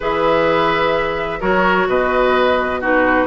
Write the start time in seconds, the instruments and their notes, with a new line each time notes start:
0.00 bassoon E3, clarinet G#4, oboe B4, flute E5
1.40 bassoon F#3, clarinet F#4, oboe A#4, flute C#5
1.87 bassoon B2, oboe B4, flute D#5
2.80 clarinet D#4, oboe F#4, flute B4